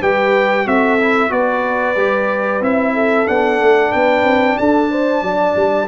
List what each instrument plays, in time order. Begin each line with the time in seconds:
0.00 tuba G3, trombone G4, horn B4, trumpet G5
0.65 tuba C4, trombone F#4, horn A4, trumpet E5
0.99 trombone E4
1.29 tuba B3, trombone F#4, horn B4, trumpet D5
1.96 tuba G3, trombone G4
2.60 tuba C4, trombone E4, trumpet E5
2.93 horn A4
3.26 tuba B3, trombone D4, trumpet F#5
3.60 tuba A3
3.91 tuba B3, horn B4, trumpet G5
4.23 tuba C4
4.57 tuba D4, horn A4, trumpet A5
4.90 horn C5
5.22 tuba F#3, horn D5
5.55 tuba G3